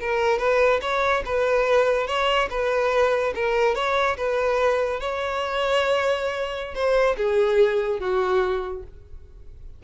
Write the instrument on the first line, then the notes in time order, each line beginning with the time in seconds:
violin
0.00 A#4
0.38 B4
0.81 C#5
1.25 B4
2.07 C#5
2.50 B4
3.35 A#4
3.75 C#5
4.17 B4
5.00 C#5
6.74 C5
7.17 G#4
7.99 F#4